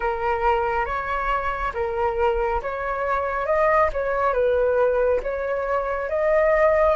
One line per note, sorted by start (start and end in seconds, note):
0.00 0.85 A#4
0.85 1.72 C#5
1.74 2.61 A#4
2.62 3.46 C#5
3.46 3.89 D#5
3.92 4.33 C#5
4.33 5.20 B4
5.23 6.09 C#5
6.09 6.96 D#5